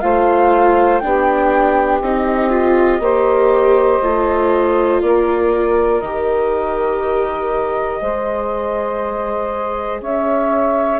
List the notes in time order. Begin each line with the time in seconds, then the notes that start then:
0.00 A3 F4 C5 F5
0.98 B3 D4 G4 G5
2.01 C4 D#4 D#5
2.50 F4
2.99 A#3 G4 C5
4.02 A3 F4
5.01 A#3 A#4 D5
6.00 D#3 G4 D#5
8.01 G#3 G#4 C5
10.01 C#4 C#5 E5